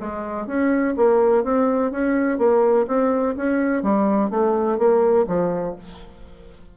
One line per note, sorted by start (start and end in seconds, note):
0.00 0.47 G#3
0.47 0.95 C#4
0.97 1.44 A#3
1.44 1.91 C4
1.91 2.38 C#4
2.38 2.86 A#3
2.87 3.35 C4
3.37 3.83 C#4
3.83 4.30 G3
4.30 4.78 A3
4.78 5.26 A#3
5.28 5.76 F3